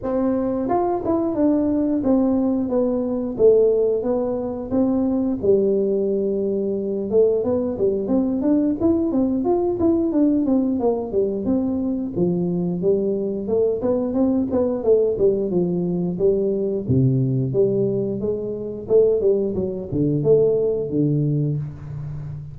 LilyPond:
\new Staff \with { instrumentName = "tuba" } { \time 4/4 \tempo 4 = 89 c'4 f'8 e'8 d'4 c'4 | b4 a4 b4 c'4 | g2~ g8 a8 b8 g8 | c'8 d'8 e'8 c'8 f'8 e'8 d'8 c'8 |
ais8 g8 c'4 f4 g4 | a8 b8 c'8 b8 a8 g8 f4 | g4 c4 g4 gis4 | a8 g8 fis8 d8 a4 d4 | }